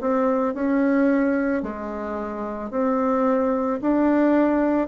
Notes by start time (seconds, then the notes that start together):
0.00 C4
0.54 C#4
1.62 G#3
2.70 C4
3.81 D4